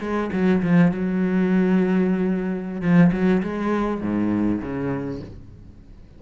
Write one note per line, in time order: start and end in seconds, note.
0.00 0.30 G#3
0.32 0.62 F#3
0.62 0.91 F3
0.91 2.81 F#3
2.81 3.11 F3
3.12 3.42 F#3
3.42 4.00 G#3
4.00 4.60 G#2
4.61 5.20 C#3